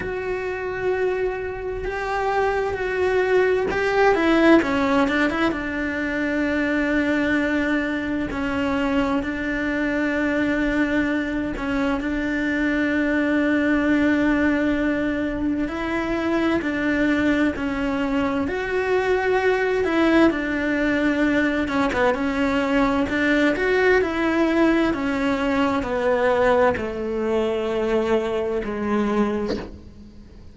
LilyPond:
\new Staff \with { instrumentName = "cello" } { \time 4/4 \tempo 4 = 65 fis'2 g'4 fis'4 | g'8 e'8 cis'8 d'16 e'16 d'2~ | d'4 cis'4 d'2~ | d'8 cis'8 d'2.~ |
d'4 e'4 d'4 cis'4 | fis'4. e'8 d'4. cis'16 b16 | cis'4 d'8 fis'8 e'4 cis'4 | b4 a2 gis4 | }